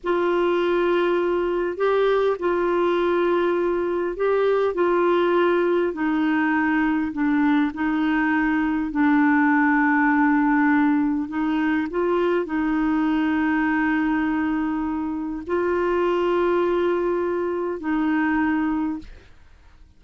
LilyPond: \new Staff \with { instrumentName = "clarinet" } { \time 4/4 \tempo 4 = 101 f'2. g'4 | f'2. g'4 | f'2 dis'2 | d'4 dis'2 d'4~ |
d'2. dis'4 | f'4 dis'2.~ | dis'2 f'2~ | f'2 dis'2 | }